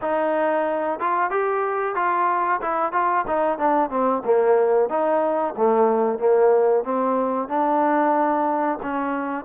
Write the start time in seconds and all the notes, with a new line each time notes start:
0.01 D#4
0.99 F4
1.30 G4
1.95 F4
2.61 E4
2.92 F4
3.27 D#4
3.58 D4
3.90 C4
4.24 A#3
4.89 D#4
5.56 A3
6.18 A#3
6.84 C4
7.48 D4
8.82 C#4